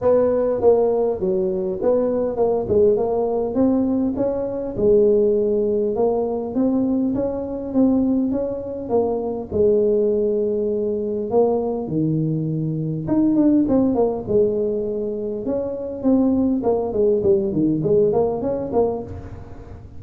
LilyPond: \new Staff \with { instrumentName = "tuba" } { \time 4/4 \tempo 4 = 101 b4 ais4 fis4 b4 | ais8 gis8 ais4 c'4 cis'4 | gis2 ais4 c'4 | cis'4 c'4 cis'4 ais4 |
gis2. ais4 | dis2 dis'8 d'8 c'8 ais8 | gis2 cis'4 c'4 | ais8 gis8 g8 dis8 gis8 ais8 cis'8 ais8 | }